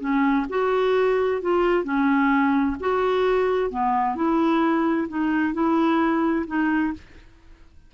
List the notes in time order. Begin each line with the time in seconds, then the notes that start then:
0.00 C#4
0.50 F#4
1.42 F4
1.84 C#4
2.80 F#4
3.71 B3
4.16 E4
5.09 D#4
5.54 E4
6.47 D#4